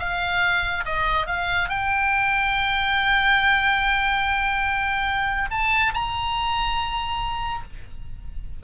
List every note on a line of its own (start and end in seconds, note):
0.00 0.85 F5
0.86 1.27 D#5
1.27 1.69 F5
1.69 5.50 G5
5.51 5.93 A5
5.94 7.63 A#5